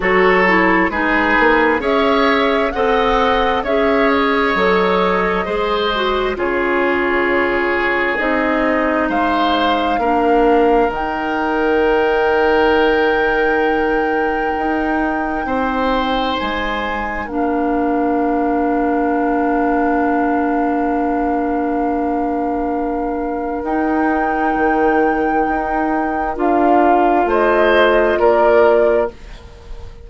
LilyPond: <<
  \new Staff \with { instrumentName = "flute" } { \time 4/4 \tempo 4 = 66 cis''4 b'4 e''4 fis''4 | e''8 dis''2~ dis''8 cis''4~ | cis''4 dis''4 f''2 | g''1~ |
g''2 gis''4 f''4~ | f''1~ | f''2 g''2~ | g''4 f''4 dis''4 d''4 | }
  \new Staff \with { instrumentName = "oboe" } { \time 4/4 a'4 gis'4 cis''4 dis''4 | cis''2 c''4 gis'4~ | gis'2 c''4 ais'4~ | ais'1~ |
ais'4 c''2 ais'4~ | ais'1~ | ais'1~ | ais'2 c''4 ais'4 | }
  \new Staff \with { instrumentName = "clarinet" } { \time 4/4 fis'8 e'8 dis'4 gis'4 a'4 | gis'4 a'4 gis'8 fis'8 f'4~ | f'4 dis'2 d'4 | dis'1~ |
dis'2. d'4~ | d'1~ | d'2 dis'2~ | dis'4 f'2. | }
  \new Staff \with { instrumentName = "bassoon" } { \time 4/4 fis4 gis8 ais8 cis'4 c'4 | cis'4 fis4 gis4 cis4~ | cis4 c'4 gis4 ais4 | dis1 |
dis'4 c'4 gis4 ais4~ | ais1~ | ais2 dis'4 dis4 | dis'4 d'4 a4 ais4 | }
>>